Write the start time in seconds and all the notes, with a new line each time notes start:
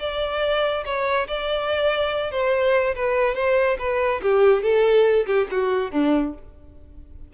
0.00 D5
0.86 C#5
1.28 D5
2.32 C5
2.96 B4
3.36 C5
3.79 B4
4.23 G4
4.63 A4
5.27 G4
5.51 F#4
5.92 D4